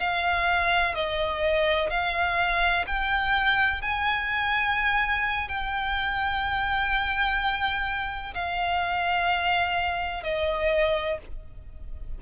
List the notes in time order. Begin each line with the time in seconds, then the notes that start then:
0.00 F5
0.95 D#5
1.90 F5
2.87 G5
3.82 G#5
5.49 G5
8.35 F5
10.23 D#5